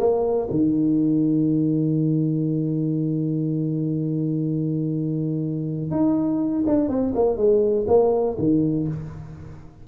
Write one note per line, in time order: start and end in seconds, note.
0.00 0.49 A#3
0.51 5.91 D#3
5.91 6.65 D#4
6.67 6.89 D4
6.89 7.14 C4
7.15 7.37 A#3
7.37 7.86 G#3
7.88 8.37 A#3
8.39 8.88 D#3